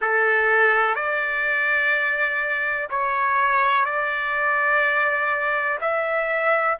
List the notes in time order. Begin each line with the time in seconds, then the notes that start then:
0.01 A4
0.95 D5
2.89 C#5
3.85 D5
5.81 E5